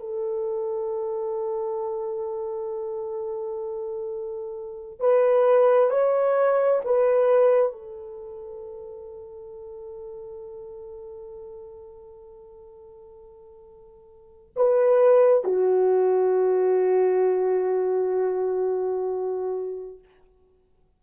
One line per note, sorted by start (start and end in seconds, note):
0.00 5.00 A4
5.00 5.90 B4
5.90 6.81 C#5
6.85 7.72 B4
7.72 14.54 A4
14.56 15.44 B4
15.44 19.99 F#4